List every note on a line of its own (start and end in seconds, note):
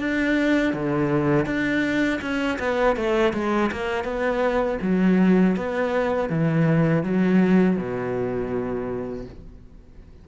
0.00 0.74 D4
0.74 1.46 D3
1.46 2.20 D4
2.22 2.59 C#4
2.60 2.97 B3
2.97 3.34 A3
3.34 3.71 G#3
3.72 4.04 A#3
4.04 4.78 B3
4.82 5.57 F#3
5.57 6.30 B3
6.30 7.04 E3
7.04 7.77 F#3
7.77 9.26 B2